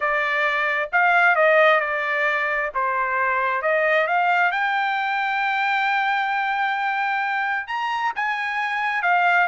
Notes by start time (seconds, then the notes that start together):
0.00 D5
0.92 F5
1.35 D#5
1.80 D5
2.74 C5
3.62 D#5
4.07 F5
4.51 G5
7.67 A#5
8.15 G#5
9.02 F5